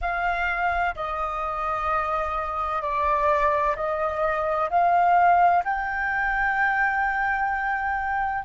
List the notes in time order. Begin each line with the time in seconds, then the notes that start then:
0.01 F5
0.95 D#5
2.82 D5
3.75 D#5
4.70 F5
5.64 G5